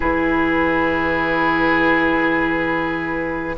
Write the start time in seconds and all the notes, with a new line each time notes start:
0.00 E3 E4 G#4 B4